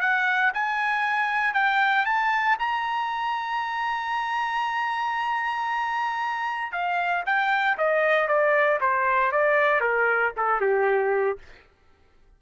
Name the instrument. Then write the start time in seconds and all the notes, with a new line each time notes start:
trumpet
0.00 F#5
0.53 G#5
1.54 G5
2.05 A5
2.59 A#5
6.72 F5
7.26 G5
7.78 D#5
8.27 D5
8.80 C5
9.32 D5
9.80 A#4
10.36 A4
10.60 G4